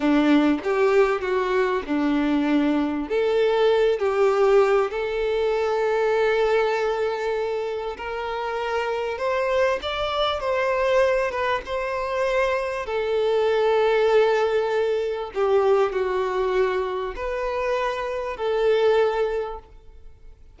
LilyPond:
\new Staff \with { instrumentName = "violin" } { \time 4/4 \tempo 4 = 98 d'4 g'4 fis'4 d'4~ | d'4 a'4. g'4. | a'1~ | a'4 ais'2 c''4 |
d''4 c''4. b'8 c''4~ | c''4 a'2.~ | a'4 g'4 fis'2 | b'2 a'2 | }